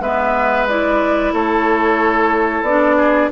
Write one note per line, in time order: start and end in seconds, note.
0.00 1.32 G#3
0.00 0.68 B3
0.00 1.32 B4
0.00 0.67 E5
0.67 2.66 E4
0.67 1.33 D5
1.32 2.62 A3
1.32 2.96 A4
1.32 2.63 C#5
2.62 3.28 B3
2.62 3.31 D4
2.62 3.29 D5
2.96 3.29 G#4